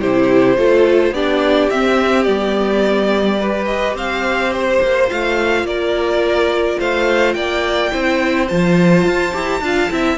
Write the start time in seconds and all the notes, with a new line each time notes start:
0.00 C3 E4 G4 C5
0.57 A3 F4 A4
1.11 B3 D4 G4 D5
1.70 C4 E5
2.23 G3 B3 D5
3.40 G4 B4
3.65 D#5
3.94 C4 C5 F5
4.53 C5
4.82 A#3
5.08 A3 F4 F5
5.63 A#3 A#4 D5
6.79 A3 C5 F5
7.34 A#3 D5 G5
7.91 C4 E4 C5
8.49 F3 F4 A5
9.06 F4
9.33 E4 G4
9.61 D4 F4 F5
9.90 C4 E4 E5